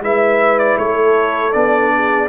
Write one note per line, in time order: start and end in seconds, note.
0.00 0.76 G#3
0.00 1.52 E4
0.00 0.80 B4
0.00 0.59 E5
0.59 0.78 D5
0.78 1.54 A3
0.78 1.94 A4
0.78 1.52 C#5
1.52 2.29 B3
1.52 2.28 D4
1.52 2.28 D5
1.95 2.29 G#4